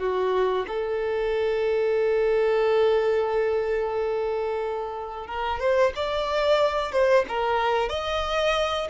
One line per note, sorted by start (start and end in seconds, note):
0.00 0.66 F#4
0.68 5.27 A4
5.27 5.60 A#4
5.60 5.93 C5
5.96 6.92 D5
6.92 7.25 C5
7.29 7.89 A#4
7.89 8.88 D#5